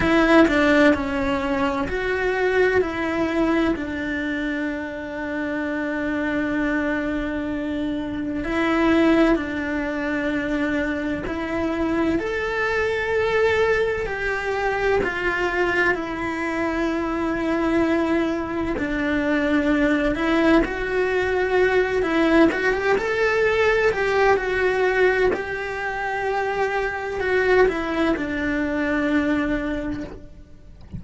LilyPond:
\new Staff \with { instrumentName = "cello" } { \time 4/4 \tempo 4 = 64 e'8 d'8 cis'4 fis'4 e'4 | d'1~ | d'4 e'4 d'2 | e'4 a'2 g'4 |
f'4 e'2. | d'4. e'8 fis'4. e'8 | fis'16 g'16 a'4 g'8 fis'4 g'4~ | g'4 fis'8 e'8 d'2 | }